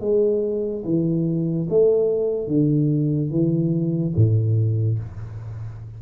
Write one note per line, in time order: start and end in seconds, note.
0.00 0.83 G#3
0.84 1.68 E3
1.69 2.47 A3
2.47 3.31 D3
3.31 4.14 E3
4.16 4.99 A2